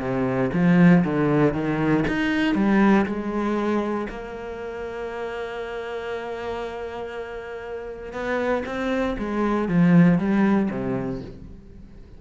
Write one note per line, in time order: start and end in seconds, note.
0.00 0.51 C3
0.54 1.04 F3
1.05 1.54 D3
1.54 2.05 D#3
2.08 2.55 D#4
2.55 3.06 G3
3.06 4.08 G#3
4.09 8.13 A#3
8.13 8.64 B3
8.66 9.17 C4
9.19 9.69 G#3
9.69 10.19 F3
10.19 10.69 G3
10.71 11.22 C3